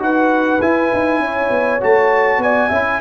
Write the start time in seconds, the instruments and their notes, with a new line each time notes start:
0.00 tuba D#4, trombone F#4, horn B4, trumpet F#5
0.61 tuba E4, trombone E4, trumpet G#5
0.94 tuba D#4
1.20 tuba C#4, horn C#5
1.51 tuba B3
1.81 tuba A3, trombone F#4, trumpet A5
2.38 tuba B3, horn D5, trumpet G#5
2.69 tuba C#4, trombone E4, horn E5